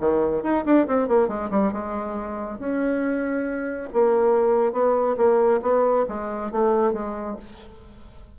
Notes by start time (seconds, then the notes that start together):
0.00 D#3
0.43 D#4
0.65 D4
0.87 C4
1.08 A#3
1.28 G#3
1.51 G3
1.72 G#3
2.59 C#4
3.93 A#3
4.73 B3
5.17 A#3
5.62 B3
6.08 G#3
6.52 A3
6.93 G#3